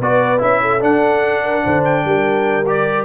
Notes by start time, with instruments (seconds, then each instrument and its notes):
0.00 tuba B3, trombone F#4, horn B4, trumpet D5
0.38 tuba C#4, trombone E4, trumpet E5
0.61 horn A4
0.80 trombone D4, tuba D4, trumpet F#5
1.43 horn A#4
1.64 tuba D3, horn C5
1.84 trumpet G5
2.04 tuba G3, horn A#4
2.67 trombone G4, trumpet D5